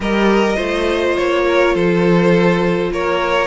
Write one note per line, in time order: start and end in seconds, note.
0.00 0.56 G3
0.00 0.56 G4
0.00 0.56 A#4
0.00 1.17 D#5
0.56 1.17 A3
0.56 3.46 F4
0.56 1.43 C5
1.17 1.74 A#3
1.17 1.75 C#5
1.48 1.74 A#4
1.74 2.91 F3
1.74 2.91 A4
1.74 2.92 C5
2.91 3.46 A#3
2.91 3.46 A#4
2.91 3.46 C#5